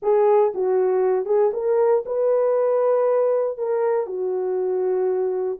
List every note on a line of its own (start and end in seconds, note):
0.02 0.53 G#4
0.54 1.25 F#4
1.25 1.51 G#4
1.53 2.04 A#4
2.05 3.57 B4
3.57 4.06 A#4
4.06 5.58 F#4